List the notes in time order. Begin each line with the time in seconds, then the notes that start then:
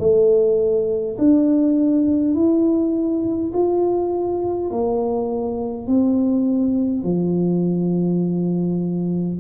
0.00 A3
1.19 D4
2.35 E4
3.54 F4
4.71 A#3
5.88 C4
7.04 F3